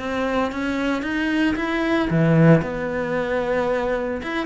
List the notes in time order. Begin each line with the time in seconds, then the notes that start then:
0.00 C4
0.53 C#4
1.03 D#4
1.56 E4
2.11 E3
2.63 B3
4.23 E4